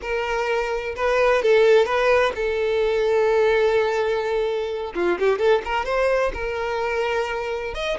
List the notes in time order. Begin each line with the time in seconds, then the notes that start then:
0.01 A#4
0.95 B4
1.42 A4
1.85 B4
2.35 A4
4.95 F4
5.19 G4
5.38 A4
5.64 A#4
5.85 C5
6.33 A#4
7.74 D#5